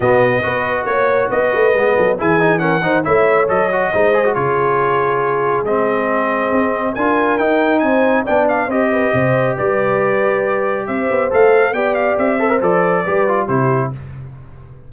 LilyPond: <<
  \new Staff \with { instrumentName = "trumpet" } { \time 4/4 \tempo 4 = 138 dis''2 cis''4 dis''4~ | dis''4 gis''4 fis''4 e''4 | dis''2 cis''2~ | cis''4 dis''2. |
gis''4 g''4 gis''4 g''8 f''8 | dis''2 d''2~ | d''4 e''4 f''4 g''8 f''8 | e''4 d''2 c''4 | }
  \new Staff \with { instrumentName = "horn" } { \time 4/4 fis'4 b'4 cis''4 b'4~ | b'8 a'8 gis'4 ais'8 c''8 cis''4~ | cis''4 c''4 gis'2~ | gis'1 |
ais'2 c''4 d''4 | c''8 b'8 c''4 b'2~ | b'4 c''2 d''4~ | d''8 c''4. b'4 g'4 | }
  \new Staff \with { instrumentName = "trombone" } { \time 4/4 b4 fis'2. | b4 e'8 dis'8 cis'8 dis'8 e'4 | a'8 fis'8 dis'8 gis'16 fis'16 f'2~ | f'4 c'2. |
f'4 dis'2 d'4 | g'1~ | g'2 a'4 g'4~ | g'8 a'16 ais'16 a'4 g'8 f'8 e'4 | }
  \new Staff \with { instrumentName = "tuba" } { \time 4/4 b,4 b4 ais4 b8 a8 | gis8 fis8 e4. dis8 a4 | fis4 gis4 cis2~ | cis4 gis2 c'4 |
d'4 dis'4 c'4 b4 | c'4 c4 g2~ | g4 c'8 b8 a4 b4 | c'4 f4 g4 c4 | }
>>